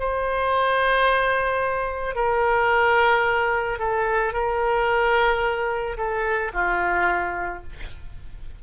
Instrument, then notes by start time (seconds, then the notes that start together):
oboe
0.00 C5
2.16 A#4
3.79 A4
4.33 A#4
5.98 A4
6.54 F4